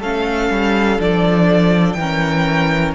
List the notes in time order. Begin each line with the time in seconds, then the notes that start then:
0.00 A3 C#4 A4 F5
0.50 G3
0.99 F3 D4 D5
1.93 E3 G5
2.00 C#4 A#4